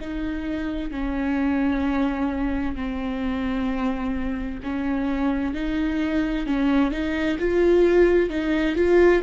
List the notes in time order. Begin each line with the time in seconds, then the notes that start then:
0.00 D#4
0.91 C#4
2.75 C4
4.63 C#4
5.54 D#4
6.46 C#4
6.91 D#4
7.39 F4
8.30 D#4
8.75 F4